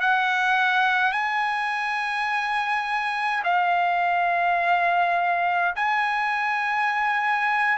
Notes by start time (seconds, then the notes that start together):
0.00 F#5
1.12 G#5
3.44 F5
5.75 G#5